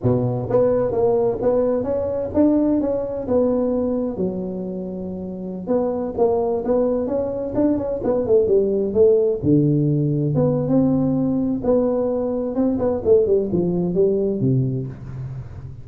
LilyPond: \new Staff \with { instrumentName = "tuba" } { \time 4/4 \tempo 4 = 129 b,4 b4 ais4 b4 | cis'4 d'4 cis'4 b4~ | b4 fis2.~ | fis16 b4 ais4 b4 cis'8.~ |
cis'16 d'8 cis'8 b8 a8 g4 a8.~ | a16 d2 b8. c'4~ | c'4 b2 c'8 b8 | a8 g8 f4 g4 c4 | }